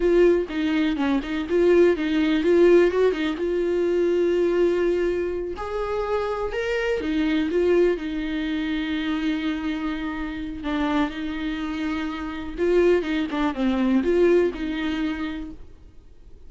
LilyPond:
\new Staff \with { instrumentName = "viola" } { \time 4/4 \tempo 4 = 124 f'4 dis'4 cis'8 dis'8 f'4 | dis'4 f'4 fis'8 dis'8 f'4~ | f'2.~ f'8 gis'8~ | gis'4. ais'4 dis'4 f'8~ |
f'8 dis'2.~ dis'8~ | dis'2 d'4 dis'4~ | dis'2 f'4 dis'8 d'8 | c'4 f'4 dis'2 | }